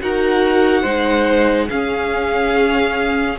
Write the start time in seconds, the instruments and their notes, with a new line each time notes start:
0.00 cello D#4, viola F#4, violin A#4 F#5
0.82 cello G#3, viola D#4, violin C5
1.69 cello C#4, viola C#4, violin G#4 F5